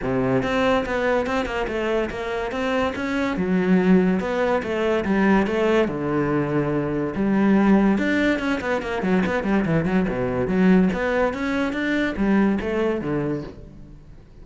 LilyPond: \new Staff \with { instrumentName = "cello" } { \time 4/4 \tempo 4 = 143 c4 c'4 b4 c'8 ais8 | a4 ais4 c'4 cis'4 | fis2 b4 a4 | g4 a4 d2~ |
d4 g2 d'4 | cis'8 b8 ais8 fis8 b8 g8 e8 fis8 | b,4 fis4 b4 cis'4 | d'4 g4 a4 d4 | }